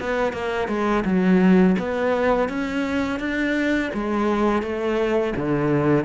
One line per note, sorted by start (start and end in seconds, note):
0.00 0.33 B3
0.33 0.68 A#3
0.68 1.04 G#3
1.05 1.76 F#3
1.79 2.49 B3
2.49 3.20 C#4
3.20 3.91 D4
3.94 4.62 G#3
4.62 5.34 A3
5.36 6.05 D3